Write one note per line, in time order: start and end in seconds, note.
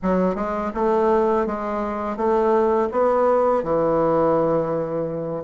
0.02 0.35 F#3
0.35 0.71 G#3
0.74 1.46 A3
1.46 2.16 G#3
2.16 2.88 A3
2.91 3.63 B3
3.63 5.43 E3